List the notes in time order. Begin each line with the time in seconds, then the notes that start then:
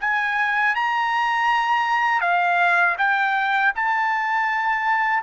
0.00 G#5
0.75 A#5
2.21 F5
2.98 G5
3.75 A5